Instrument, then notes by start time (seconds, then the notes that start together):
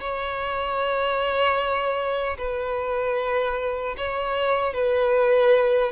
violin
0.00 C#5
2.37 B4
3.97 C#5
4.73 B4